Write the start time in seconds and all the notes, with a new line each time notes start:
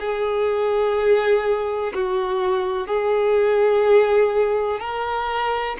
0.00 G#4
1.94 F#4
2.88 G#4
4.80 A#4